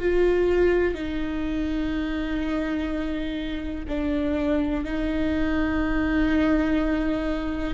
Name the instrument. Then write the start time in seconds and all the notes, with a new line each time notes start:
viola
0.00 F4
0.95 D#4
3.88 D4
4.84 D#4